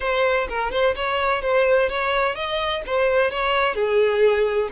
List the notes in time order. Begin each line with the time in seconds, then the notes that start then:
0.00 C5
0.49 A#4
0.71 C5
0.95 C#5
1.42 C5
1.89 C#5
2.35 D#5
2.86 C5
3.30 C#5
3.75 G#4